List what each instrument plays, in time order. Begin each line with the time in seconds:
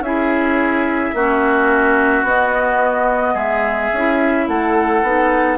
0.00 bassoon C#4, clarinet E4, oboe G#4, flute E5
1.13 bassoon A#3, clarinet C#4, oboe F#4
2.23 bassoon B3, clarinet B3, flute D#5
3.34 bassoon G#3, oboe G#4, flute E5
3.93 bassoon C#4, clarinet E4
4.48 bassoon A3, oboe A4, flute F#5
5.02 bassoon B3, clarinet D#4